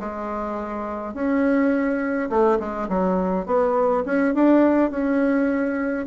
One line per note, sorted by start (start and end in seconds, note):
0.00 1.14 G#3
1.14 2.29 C#4
2.30 2.59 A3
2.60 2.89 G#3
2.89 3.46 F#3
3.46 4.04 B3
4.06 4.35 C#4
4.35 4.91 D4
4.91 6.07 C#4